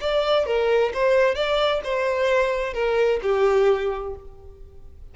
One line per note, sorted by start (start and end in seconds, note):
0.00 0.46 D5
0.46 0.92 A#4
0.93 1.35 C5
1.35 1.81 D5
1.84 2.73 C5
2.73 3.20 A#4
3.22 4.14 G4